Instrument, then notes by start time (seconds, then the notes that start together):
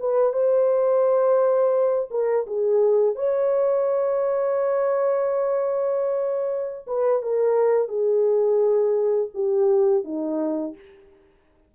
horn
0.00 B4
0.33 C5
2.11 A#4
2.46 G#4
3.15 C#5
6.87 B4
7.22 A#4
7.88 G#4
9.34 G4
10.04 D#4